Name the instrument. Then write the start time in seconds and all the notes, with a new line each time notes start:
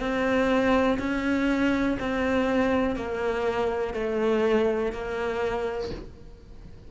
cello
0.00 C4
0.99 C#4
2.00 C4
2.96 A#3
3.94 A3
4.93 A#3